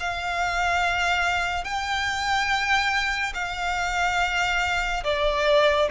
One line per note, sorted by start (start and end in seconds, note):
0.00 1.64 F5
1.64 3.33 G5
3.35 5.04 F5
5.04 5.89 D5